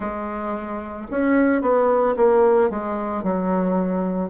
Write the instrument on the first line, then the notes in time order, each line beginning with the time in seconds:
bassoon
0.00 G#3
1.10 C#4
1.61 B3
2.16 A#3
2.69 G#3
3.23 F#3